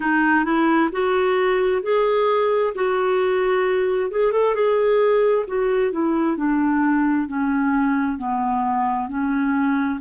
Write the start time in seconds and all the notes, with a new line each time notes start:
0.00 D#4
0.44 E4
0.91 F#4
1.82 G#4
2.74 F#4
4.10 G#4
4.32 A4
4.55 G#4
5.47 F#4
5.91 E4
6.36 D4
7.27 C#4
8.18 B3
9.09 C#4